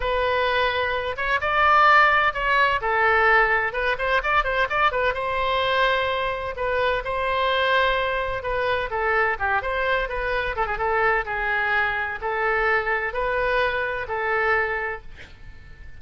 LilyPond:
\new Staff \with { instrumentName = "oboe" } { \time 4/4 \tempo 4 = 128 b'2~ b'8 cis''8 d''4~ | d''4 cis''4 a'2 | b'8 c''8 d''8 c''8 d''8 b'8 c''4~ | c''2 b'4 c''4~ |
c''2 b'4 a'4 | g'8 c''4 b'4 a'16 gis'16 a'4 | gis'2 a'2 | b'2 a'2 | }